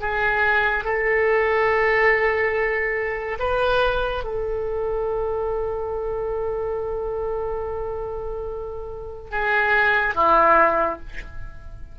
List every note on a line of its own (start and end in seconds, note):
0.00 0.85 G#4
0.85 3.38 A4
3.39 4.24 B4
4.24 9.31 A4
9.31 10.14 G#4
10.14 10.99 E4